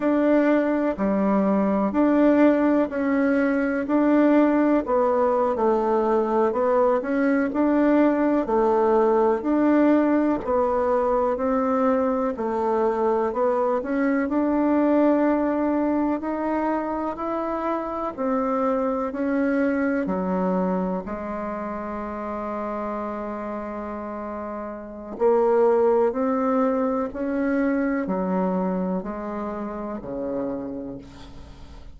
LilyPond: \new Staff \with { instrumentName = "bassoon" } { \time 4/4 \tempo 4 = 62 d'4 g4 d'4 cis'4 | d'4 b8. a4 b8 cis'8 d'16~ | d'8. a4 d'4 b4 c'16~ | c'8. a4 b8 cis'8 d'4~ d'16~ |
d'8. dis'4 e'4 c'4 cis'16~ | cis'8. fis4 gis2~ gis16~ | gis2 ais4 c'4 | cis'4 fis4 gis4 cis4 | }